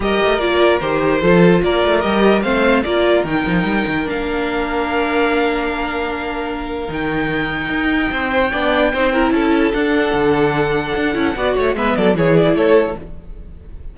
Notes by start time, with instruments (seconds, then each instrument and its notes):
0.00 cello G3, viola G4, violin A#4 D#5
0.24 cello A3
0.38 cello A#3, viola F4, violin D5
0.80 cello D#3, viola G4, violin C5
1.21 cello F3, viola F4, violin A4
1.63 cello A#3, violin A#4 D5
1.85 cello A3
2.00 cello G3, viola G4, violin D#5
2.42 cello A3, viola C4, violin C5 F5
2.83 cello A#3, viola F4, violin A#4 D5
3.24 cello D#3, viola D#4, violin G5
3.46 cello F3
3.64 cello G3
3.86 cello D#3
4.05 cello A#3, viola D4, violin F5
6.87 cello D#3, viola D#4, violin G5
7.69 cello D#4
8.11 cello C4, violin C5
8.51 cello B3, viola D4, violin D5
8.93 cello C4, viola D#4, violin C5
9.12 viola E4, violin A#4
9.31 cello C#4, violin A4 A5
9.73 viola D4, cello D4, violin F#5
10.13 cello D3
10.95 cello D4
11.13 cello C#4, viola E4
11.35 cello B3, viola F#4, violin D5
11.55 cello A3, violin C#5
11.74 cello G#3, viola B3, violin B4 E5
11.95 cello F#3, violin A4 D5
12.14 cello E3, viola E4, violin G#4 C#5
12.37 violin D5
12.54 cello A3, violin A4 C#5